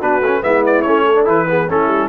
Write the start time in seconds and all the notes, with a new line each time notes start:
0.00 B3 D4 F#4 B4
0.21 A3 C#4
0.42 G#3 B3 E4 E5
0.66 D5
0.82 A3 C#4 C#5
1.06 A4
1.16 D4
1.26 E3 E4 B4
1.47 B3 G#4
1.69 A3 C#4 E4 A4
1.87 G3